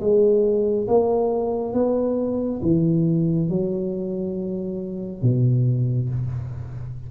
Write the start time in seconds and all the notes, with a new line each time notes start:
0.00 G#3
0.87 A#3
1.73 B3
2.62 E3
3.49 F#3
5.22 B2